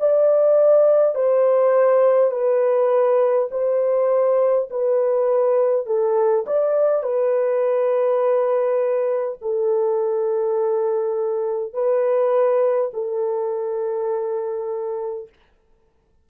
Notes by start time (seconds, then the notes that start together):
0.00 D5
1.16 C5
2.31 B4
3.51 C5
4.70 B4
5.87 A4
6.47 D5
7.03 B4
9.42 A4
11.73 B4
12.94 A4